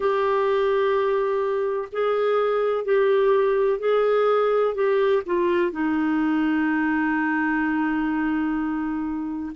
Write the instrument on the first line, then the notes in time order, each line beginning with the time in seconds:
clarinet
0.00 G4
1.92 G#4
2.84 G4
3.79 G#4
4.74 G4
5.26 F4
5.71 D#4